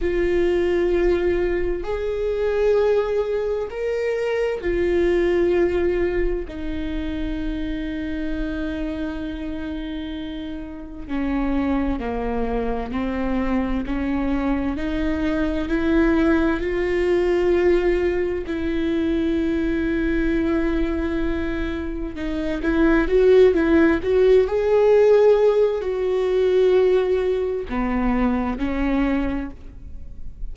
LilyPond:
\new Staff \with { instrumentName = "viola" } { \time 4/4 \tempo 4 = 65 f'2 gis'2 | ais'4 f'2 dis'4~ | dis'1 | cis'4 ais4 c'4 cis'4 |
dis'4 e'4 f'2 | e'1 | dis'8 e'8 fis'8 e'8 fis'8 gis'4. | fis'2 b4 cis'4 | }